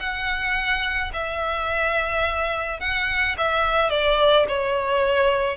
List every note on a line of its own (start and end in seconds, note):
0.00 1.12 F#5
1.14 2.80 E5
2.80 3.36 F#5
3.38 3.90 E5
3.90 4.47 D5
4.48 5.58 C#5